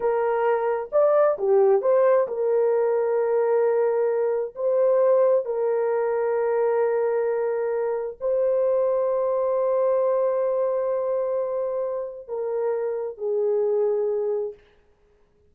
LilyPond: \new Staff \with { instrumentName = "horn" } { \time 4/4 \tempo 4 = 132 ais'2 d''4 g'4 | c''4 ais'2.~ | ais'2 c''2 | ais'1~ |
ais'2 c''2~ | c''1~ | c''2. ais'4~ | ais'4 gis'2. | }